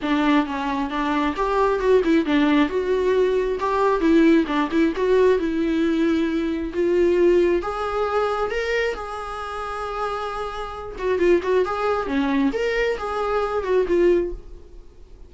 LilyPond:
\new Staff \with { instrumentName = "viola" } { \time 4/4 \tempo 4 = 134 d'4 cis'4 d'4 g'4 | fis'8 e'8 d'4 fis'2 | g'4 e'4 d'8 e'8 fis'4 | e'2. f'4~ |
f'4 gis'2 ais'4 | gis'1~ | gis'8 fis'8 f'8 fis'8 gis'4 cis'4 | ais'4 gis'4. fis'8 f'4 | }